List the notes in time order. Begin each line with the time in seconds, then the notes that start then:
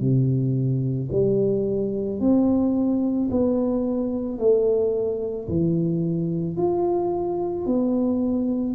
0.00 C3
1.12 G3
2.21 C4
3.31 B3
4.39 A3
5.48 E3
6.57 F4
7.66 B3